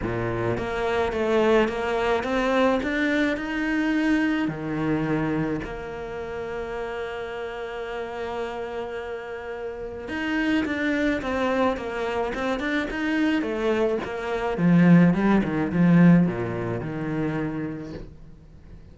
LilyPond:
\new Staff \with { instrumentName = "cello" } { \time 4/4 \tempo 4 = 107 ais,4 ais4 a4 ais4 | c'4 d'4 dis'2 | dis2 ais2~ | ais1~ |
ais2 dis'4 d'4 | c'4 ais4 c'8 d'8 dis'4 | a4 ais4 f4 g8 dis8 | f4 ais,4 dis2 | }